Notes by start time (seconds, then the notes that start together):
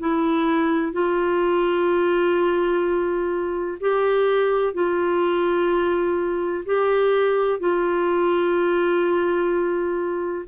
0.00 E4
0.93 F4
3.81 G4
4.74 F4
6.66 G4
7.60 F4